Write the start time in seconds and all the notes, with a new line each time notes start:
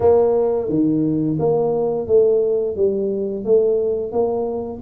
0.00 A#3
0.69 D#3
1.39 A#3
2.07 A3
2.76 G3
3.45 A3
4.12 A#3